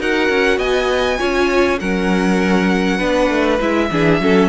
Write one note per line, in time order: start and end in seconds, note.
0.00 0.29 D#4
0.00 1.18 F#4
0.00 0.58 A#4
0.00 0.59 F#5
0.29 0.58 C#4
0.58 1.18 B3
0.58 1.18 D#5
0.58 1.79 G#5
1.18 1.81 C#4
1.18 1.78 F4
1.18 1.79 C#5
1.80 3.00 F#3
1.80 2.99 C#4
1.80 2.98 A#4
1.80 3.60 F#5
2.98 3.30 B3
2.98 3.59 D4
2.98 3.88 B4
3.30 3.60 A3
3.60 3.91 G#3
3.60 3.91 E4
3.60 4.49 E5
3.91 4.20 E3
3.91 4.21 D4
3.91 4.22 G#4
4.20 4.49 F#3
4.20 4.49 C#4
4.20 4.49 A4